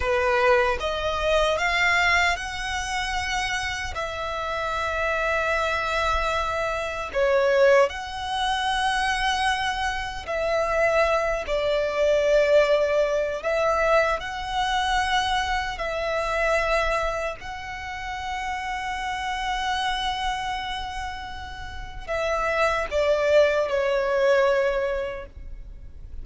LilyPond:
\new Staff \with { instrumentName = "violin" } { \time 4/4 \tempo 4 = 76 b'4 dis''4 f''4 fis''4~ | fis''4 e''2.~ | e''4 cis''4 fis''2~ | fis''4 e''4. d''4.~ |
d''4 e''4 fis''2 | e''2 fis''2~ | fis''1 | e''4 d''4 cis''2 | }